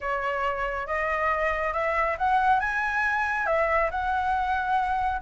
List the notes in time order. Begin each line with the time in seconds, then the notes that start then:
0.00 C#5
0.86 D#5
1.73 E5
2.18 F#5
2.60 G#5
3.46 E5
3.91 F#5